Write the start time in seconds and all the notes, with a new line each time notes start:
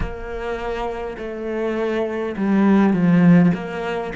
0.00 A#3
1.18 A3
2.36 G3
2.93 F3
3.54 A#3